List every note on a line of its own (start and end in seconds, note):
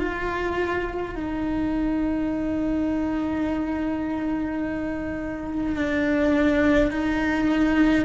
0.00 1.15 F4
1.15 5.76 D#4
5.76 6.92 D4
6.92 8.06 D#4